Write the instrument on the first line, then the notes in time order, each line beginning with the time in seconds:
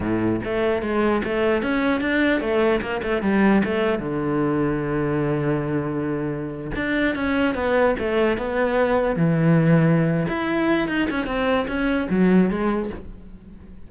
cello
0.00 A2
0.44 A3
0.82 G#3
1.24 A3
1.62 C#4
2.00 D4
2.40 A3
2.81 A#3
3.03 A3
3.22 G3
3.64 A3
3.99 D3
6.75 D4
7.15 C#4
7.54 B3
7.99 A3
8.37 B3
9.16 E3
10.27 E4
10.88 D#4
11.10 C#4
11.26 C4
11.67 C#4
12.10 F#3
12.49 G#3